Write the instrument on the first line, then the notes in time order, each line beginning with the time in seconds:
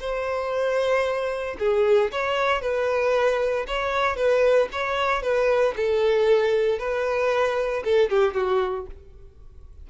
violin
0.00 C5
1.59 G#4
2.11 C#5
2.62 B4
3.67 C#5
4.16 B4
4.72 C#5
5.22 B4
5.76 A4
6.79 B4
7.84 A4
8.10 G4
8.34 F#4